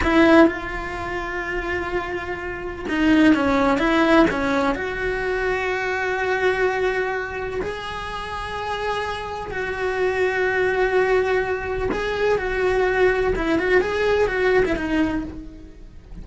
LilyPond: \new Staff \with { instrumentName = "cello" } { \time 4/4 \tempo 4 = 126 e'4 f'2.~ | f'2 dis'4 cis'4 | e'4 cis'4 fis'2~ | fis'1 |
gis'1 | fis'1~ | fis'4 gis'4 fis'2 | e'8 fis'8 gis'4 fis'8. e'16 dis'4 | }